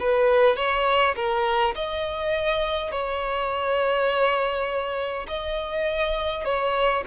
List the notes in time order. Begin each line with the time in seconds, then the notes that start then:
0.00 B4
0.56 C#5
1.16 A#4
1.75 D#5
2.91 C#5
5.28 D#5
6.45 C#5